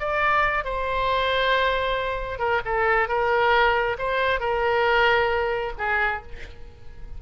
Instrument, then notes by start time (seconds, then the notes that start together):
oboe
0.00 D5
0.65 C5
2.39 A#4
2.66 A4
3.09 A#4
3.99 C5
4.40 A#4
5.79 G#4